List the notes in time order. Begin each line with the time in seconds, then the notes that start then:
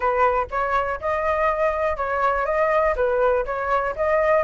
0.00 B4
0.51 C#5
1.00 D#5
1.96 C#5
2.45 D#5
2.96 B4
3.45 C#5
3.96 D#5